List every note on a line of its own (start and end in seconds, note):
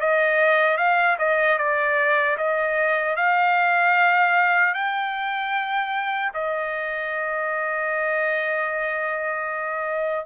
0.00 0.78 D#5
0.78 1.17 F5
1.18 1.58 D#5
1.58 2.37 D5
2.37 3.16 D#5
3.17 4.74 F5
4.74 6.32 G5
6.34 10.26 D#5